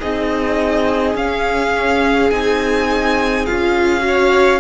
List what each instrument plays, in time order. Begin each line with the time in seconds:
0.00 cello C4, viola D#4, violin G#4 D#5
1.15 cello C#4, viola C#4, violin F5
2.31 cello C4, viola D#4, violin G#5
3.46 cello C#4, viola F4, violin F5
4.00 viola F#4
4.08 violin C#5